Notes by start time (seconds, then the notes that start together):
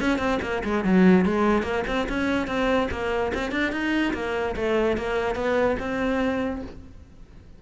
0.00 C#4
0.18 C4
0.42 A#3
0.64 G#3
0.84 F#3
1.25 G#3
1.63 A#3
1.87 C4
2.09 C#4
2.47 C4
2.91 A#3
3.33 C4
3.51 D4
3.72 D#4
4.13 A#3
4.56 A3
4.97 A#3
5.35 B3
5.79 C4